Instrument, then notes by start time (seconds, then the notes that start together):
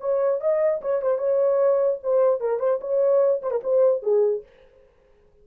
horn
0.00 C#5
0.40 D#5
0.81 C#5
1.01 C5
1.18 C#5
2.02 C5
2.40 A#4
2.59 C5
2.80 C#5
3.42 C5
3.51 A#4
3.63 C5
4.02 G#4